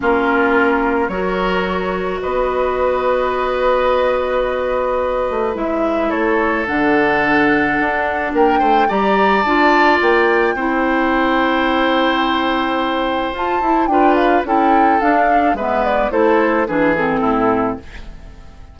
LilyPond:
<<
  \new Staff \with { instrumentName = "flute" } { \time 4/4 \tempo 4 = 108 ais'2 cis''2 | dis''1~ | dis''2 e''4 cis''4 | fis''2. g''4 |
ais''4 a''4 g''2~ | g''1 | a''4 g''8 f''8 g''4 f''4 | e''8 d''8 c''4 b'8 a'4. | }
  \new Staff \with { instrumentName = "oboe" } { \time 4/4 f'2 ais'2 | b'1~ | b'2. a'4~ | a'2. ais'8 c''8 |
d''2. c''4~ | c''1~ | c''4 b'4 a'2 | b'4 a'4 gis'4 e'4 | }
  \new Staff \with { instrumentName = "clarinet" } { \time 4/4 cis'2 fis'2~ | fis'1~ | fis'2 e'2 | d'1 |
g'4 f'2 e'4~ | e'1 | f'8 e'8 f'4 e'4 d'4 | b4 e'4 d'8 c'4. | }
  \new Staff \with { instrumentName = "bassoon" } { \time 4/4 ais2 fis2 | b1~ | b4. a8 gis4 a4 | d2 d'4 ais8 a8 |
g4 d'4 ais4 c'4~ | c'1 | f'8 e'8 d'4 cis'4 d'4 | gis4 a4 e4 a,4 | }
>>